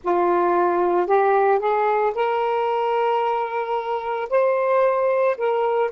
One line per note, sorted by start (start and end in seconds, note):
0.03 1.06 F4
1.06 1.59 G4
1.59 2.12 G#4
2.14 4.29 A#4
4.29 5.36 C5
5.37 5.90 A#4